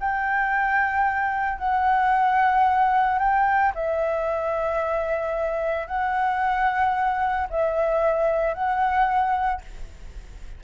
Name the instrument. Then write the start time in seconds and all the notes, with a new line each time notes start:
flute
0.00 G5
1.58 F#5
3.19 G5
3.75 E5
5.87 F#5
7.50 E5
8.54 F#5